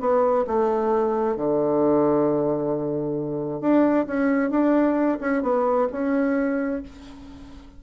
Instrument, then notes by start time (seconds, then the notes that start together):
bassoon
0.00 B3
0.47 A3
1.37 D3
3.61 D4
4.07 C#4
4.51 D4
5.20 C#4
5.43 B3
5.92 C#4